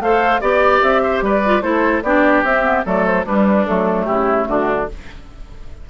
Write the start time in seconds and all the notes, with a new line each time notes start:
0.00 A3 A4 C5 F5
0.40 B3 G4 D5
0.82 C4 E5
1.03 C5
1.21 G3 B4 D5
1.45 F4
1.61 A3 E4 A4 C5
2.03 B3 D4 G4 D5
2.43 C4 E5
2.63 B3
2.85 F#3 A3 A4 D5
3.05 C5
3.25 G3 D4 B4
3.66 F#3 A3 A4
4.05 C#3 E4 G4
4.47 D3 D4 F#4